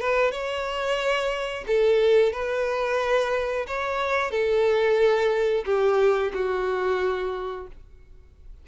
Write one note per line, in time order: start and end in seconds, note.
0.00 0.31 B4
0.31 1.65 C#5
1.66 2.32 A4
2.32 3.66 B4
3.67 4.31 C#5
4.31 5.64 A4
5.65 6.32 G4
6.33 7.67 F#4